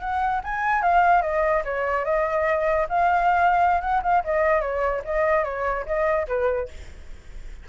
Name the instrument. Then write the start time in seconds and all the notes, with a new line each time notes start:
flute
0.00 F#5
0.44 G#5
0.82 F5
1.22 D#5
1.65 C#5
2.05 D#5
2.89 F5
3.81 F#5
4.03 F5
4.24 D#5
4.61 C#5
5.04 D#5
5.44 C#5
5.86 D#5
6.27 B4